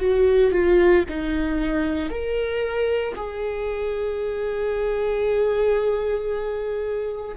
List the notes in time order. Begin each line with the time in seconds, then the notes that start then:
0.00 F#4
0.52 F4
1.09 D#4
2.10 A#4
3.16 G#4